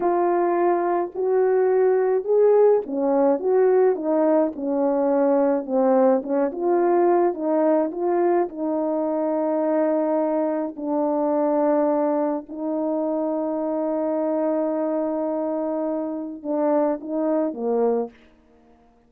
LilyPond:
\new Staff \with { instrumentName = "horn" } { \time 4/4 \tempo 4 = 106 f'2 fis'2 | gis'4 cis'4 fis'4 dis'4 | cis'2 c'4 cis'8 f'8~ | f'4 dis'4 f'4 dis'4~ |
dis'2. d'4~ | d'2 dis'2~ | dis'1~ | dis'4 d'4 dis'4 ais4 | }